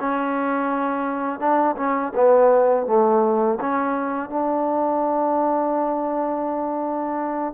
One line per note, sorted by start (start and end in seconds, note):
0.00 1.40 C#4
1.40 1.76 D4
1.76 2.13 C#4
2.15 2.87 B3
2.87 3.59 A3
3.60 4.30 C#4
4.30 7.54 D4